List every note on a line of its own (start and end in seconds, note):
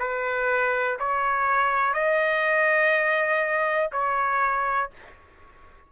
0.00 0.98 B4
1.00 1.94 C#5
1.94 3.91 D#5
3.93 4.91 C#5